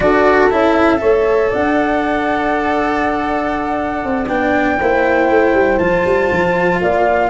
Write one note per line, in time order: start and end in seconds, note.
0.00 0.46 D4
0.00 0.50 F#4
0.00 1.01 A4
0.00 0.49 D5
0.50 1.01 C#4
0.50 0.97 E4
0.50 1.51 E5
0.97 1.52 A3
0.97 4.25 A4
0.97 1.50 C#5
1.50 4.04 D4
1.50 4.78 D5
1.50 4.28 F#5
4.04 4.28 C4
4.28 4.79 B3
4.28 4.78 D4
4.28 5.78 G5
4.79 5.30 A#3
4.79 5.80 E4
4.79 6.81 C5
5.30 5.53 A3
5.53 5.79 G3
5.78 6.04 F3
5.78 7.29 F4
5.78 6.79 A5
6.05 6.30 G3
6.31 6.80 F3
6.80 7.29 A#3
6.80 7.29 D5
6.80 7.29 F5